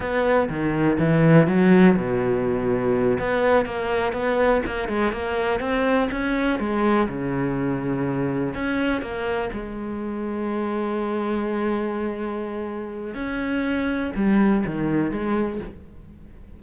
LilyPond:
\new Staff \with { instrumentName = "cello" } { \time 4/4 \tempo 4 = 123 b4 dis4 e4 fis4 | b,2~ b,8 b4 ais8~ | ais8 b4 ais8 gis8 ais4 c'8~ | c'8 cis'4 gis4 cis4.~ |
cis4. cis'4 ais4 gis8~ | gis1~ | gis2. cis'4~ | cis'4 g4 dis4 gis4 | }